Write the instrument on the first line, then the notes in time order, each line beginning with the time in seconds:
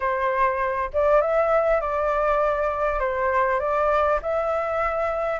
flute
0.00 C5
0.93 D5
1.21 E5
1.80 D5
2.99 C5
3.59 D5
4.22 E5